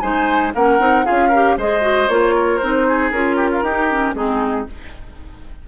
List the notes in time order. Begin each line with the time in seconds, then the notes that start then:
0.00 G#3 D#4 C5 G#5
0.55 A#3 C#4 A#4 F#5
0.79 C4 D#4
1.05 C#4 F4 G#4 F5
1.29 G4 A#4
1.57 G#3 G#4 C5 D#5
1.81 F#4
2.08 A#3 F4 C#5
2.35 A#4
2.58 C4 D#4 C5
2.88 G#4
3.11 C#4 F4 A#4
3.36 G4
3.52 F4
3.62 D#4 G4
3.91 C#4
4.14 G#3 C4 D#4 G#4